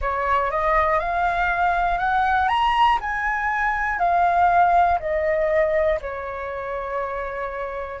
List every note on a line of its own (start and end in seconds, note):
0.00 0.50 C#5
0.50 0.99 D#5
0.99 1.98 F5
1.98 2.48 F#5
2.48 2.98 A#5
3.00 3.98 G#5
3.98 4.98 F5
4.99 5.99 D#5
6.00 8.00 C#5